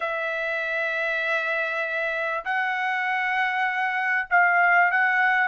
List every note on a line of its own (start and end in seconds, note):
0.00 2.44 E5
2.44 4.28 F#5
4.29 4.91 F5
4.91 5.47 F#5